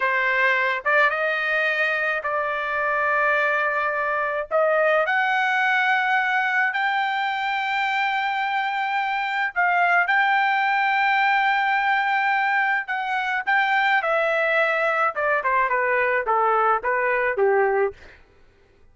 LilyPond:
\new Staff \with { instrumentName = "trumpet" } { \time 4/4 \tempo 4 = 107 c''4. d''8 dis''2 | d''1 | dis''4 fis''2. | g''1~ |
g''4 f''4 g''2~ | g''2. fis''4 | g''4 e''2 d''8 c''8 | b'4 a'4 b'4 g'4 | }